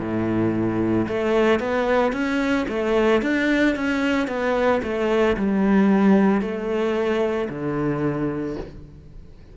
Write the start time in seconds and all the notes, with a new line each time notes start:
0.00 A2
1.08 A3
1.60 B3
2.13 C#4
2.68 A3
3.22 D4
3.76 C#4
4.28 B3
4.83 A3
5.37 G3
6.41 A3
7.50 D3